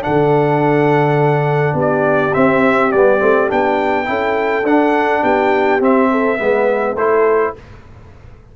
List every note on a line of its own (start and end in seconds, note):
0.00 2.31 D4
0.00 1.75 A4
0.00 1.76 F#5
0.07 1.73 D3
1.73 2.31 B3
1.73 4.06 G4
1.79 2.34 D5
2.33 2.90 C4
2.33 2.92 C4
2.33 2.91 E5
2.91 3.21 G3
2.91 3.19 B3
2.91 3.49 D5
3.19 3.50 A3
3.19 3.48 C4
3.48 4.08 B3
3.48 4.05 D4
3.48 4.66 G5
4.05 4.63 C#4
4.05 4.62 E4
4.05 5.22 A4
4.63 5.21 D4
4.63 5.80 D4
4.63 5.23 F#5
5.22 5.80 B3
5.22 6.08 G4
5.22 5.81 G5
5.80 6.38 C4
5.80 6.96 E5
6.11 6.38 A4
6.38 6.95 G#3
6.38 6.96 B3
6.38 6.95 B4
6.95 7.52 A3
6.95 7.55 E4
6.95 7.52 A4
6.95 7.54 C5